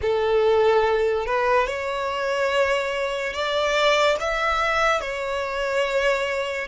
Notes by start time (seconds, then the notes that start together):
0.02 A4
1.25 B4
1.67 C#5
3.33 D5
4.19 E5
5.00 C#5